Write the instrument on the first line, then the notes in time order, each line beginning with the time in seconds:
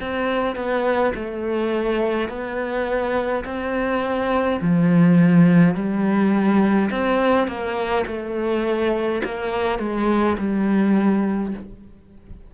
cello
0.00 C4
0.55 B3
1.14 A3
2.29 B3
3.45 C4
4.60 F3
5.74 G3
6.91 C4
7.47 A#3
8.06 A3
9.24 A#3
9.79 G#3
10.37 G3